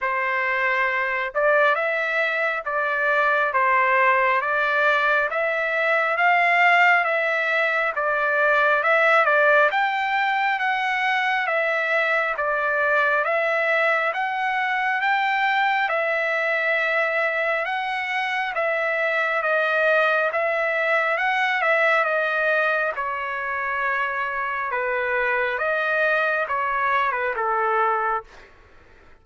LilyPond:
\new Staff \with { instrumentName = "trumpet" } { \time 4/4 \tempo 4 = 68 c''4. d''8 e''4 d''4 | c''4 d''4 e''4 f''4 | e''4 d''4 e''8 d''8 g''4 | fis''4 e''4 d''4 e''4 |
fis''4 g''4 e''2 | fis''4 e''4 dis''4 e''4 | fis''8 e''8 dis''4 cis''2 | b'4 dis''4 cis''8. b'16 a'4 | }